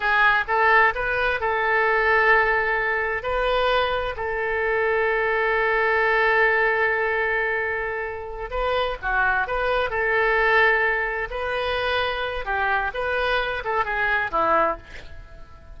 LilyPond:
\new Staff \with { instrumentName = "oboe" } { \time 4/4 \tempo 4 = 130 gis'4 a'4 b'4 a'4~ | a'2. b'4~ | b'4 a'2.~ | a'1~ |
a'2~ a'8 b'4 fis'8~ | fis'8 b'4 a'2~ a'8~ | a'8 b'2~ b'8 g'4 | b'4. a'8 gis'4 e'4 | }